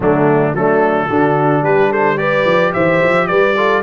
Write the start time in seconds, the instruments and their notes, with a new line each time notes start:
0.00 tuba D3, trombone F#3, horn A3, trumpet D4
0.53 tuba F#3, trombone A3, horn D4, trumpet A4
1.07 tuba D3, trombone D4, horn F#4
1.62 tuba G3, horn G4, trumpet B4
1.90 horn A4, trumpet C5
2.16 trombone G4, horn B4, trumpet D5
2.45 tuba F3
2.72 tuba E3, horn C5, trumpet E5
3.03 tuba F3
3.27 tuba G3, horn B4, trumpet D5
3.56 trombone F4, horn A4